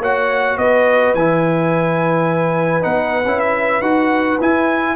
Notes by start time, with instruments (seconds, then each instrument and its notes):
0.00 tuba A#3, trombone F#4, horn C#5, trumpet F#5
0.57 tuba B3, horn B4, trumpet D#5
1.14 tuba E3, trombone E4, trumpet G#5
2.81 tuba B3, trombone D#4, trumpet F#5
3.26 tuba C#4, trombone E4
3.40 trumpet E5
3.81 tuba D#4, trombone F#4, trumpet F#5
4.40 tuba E4, trombone E4, trumpet G#5